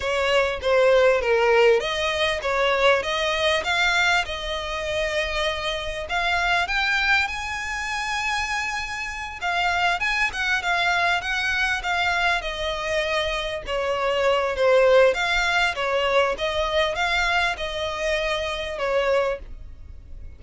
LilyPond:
\new Staff \with { instrumentName = "violin" } { \time 4/4 \tempo 4 = 99 cis''4 c''4 ais'4 dis''4 | cis''4 dis''4 f''4 dis''4~ | dis''2 f''4 g''4 | gis''2.~ gis''8 f''8~ |
f''8 gis''8 fis''8 f''4 fis''4 f''8~ | f''8 dis''2 cis''4. | c''4 f''4 cis''4 dis''4 | f''4 dis''2 cis''4 | }